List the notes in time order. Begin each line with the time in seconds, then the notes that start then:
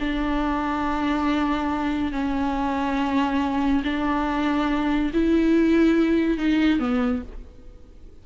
0.00 D4
2.13 C#4
3.84 D4
5.14 E4
6.38 D#4
6.80 B3